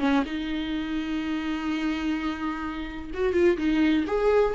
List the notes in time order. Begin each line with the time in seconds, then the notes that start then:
0.00 C#4
0.26 D#4
3.14 F#4
3.34 F4
3.58 D#4
4.07 G#4